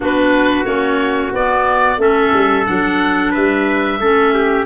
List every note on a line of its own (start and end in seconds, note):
0.00 0.65 B3
0.00 0.65 D4
0.00 2.00 F#4
0.00 0.65 B4
0.65 1.32 A#3
0.65 1.32 C#4
0.65 1.32 C#5
1.32 1.97 B3
1.32 1.98 B3
1.32 2.01 D5
1.97 2.30 A3
1.97 2.65 C#4
1.97 3.31 A4
1.97 2.66 E5
2.33 2.66 G3
2.65 3.36 F#3
2.65 3.99 D4
2.65 3.32 F#5
3.31 3.99 G3
3.31 3.97 B4
3.31 4.65 E5
3.99 4.65 A3
3.99 4.65 C#4
3.99 4.33 A4
4.33 4.65 G4